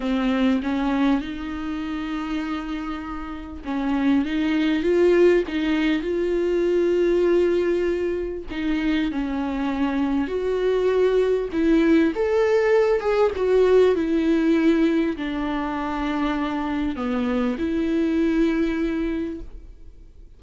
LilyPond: \new Staff \with { instrumentName = "viola" } { \time 4/4 \tempo 4 = 99 c'4 cis'4 dis'2~ | dis'2 cis'4 dis'4 | f'4 dis'4 f'2~ | f'2 dis'4 cis'4~ |
cis'4 fis'2 e'4 | a'4. gis'8 fis'4 e'4~ | e'4 d'2. | b4 e'2. | }